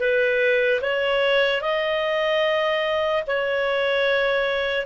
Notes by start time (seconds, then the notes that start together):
0.00 B4
0.81 C#5
1.62 D#5
3.27 C#5